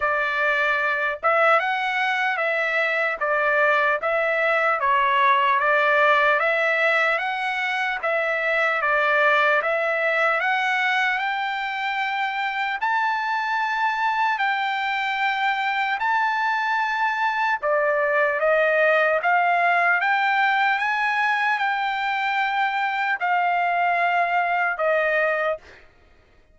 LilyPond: \new Staff \with { instrumentName = "trumpet" } { \time 4/4 \tempo 4 = 75 d''4. e''8 fis''4 e''4 | d''4 e''4 cis''4 d''4 | e''4 fis''4 e''4 d''4 | e''4 fis''4 g''2 |
a''2 g''2 | a''2 d''4 dis''4 | f''4 g''4 gis''4 g''4~ | g''4 f''2 dis''4 | }